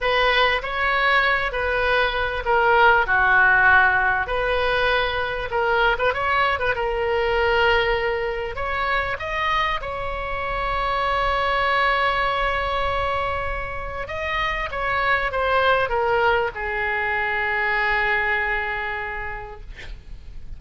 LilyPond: \new Staff \with { instrumentName = "oboe" } { \time 4/4 \tempo 4 = 98 b'4 cis''4. b'4. | ais'4 fis'2 b'4~ | b'4 ais'8. b'16 cis''8. b'16 ais'4~ | ais'2 cis''4 dis''4 |
cis''1~ | cis''2. dis''4 | cis''4 c''4 ais'4 gis'4~ | gis'1 | }